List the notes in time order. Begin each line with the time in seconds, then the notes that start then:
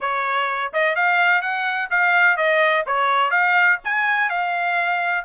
0.00 C#5
0.73 D#5
0.95 F5
1.41 F#5
1.90 F5
2.36 D#5
2.86 C#5
3.31 F5
3.84 G#5
4.29 F5